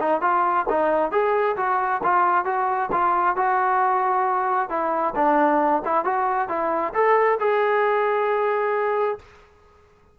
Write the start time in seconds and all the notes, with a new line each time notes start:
0.00 D#4
0.21 F4
0.69 D#4
1.11 G#4
1.56 F#4
2.03 F4
2.45 F#4
2.92 F4
3.36 F#4
4.69 E4
5.15 D4
5.85 E4
6.04 F#4
6.48 E4
6.94 A4
7.40 G#4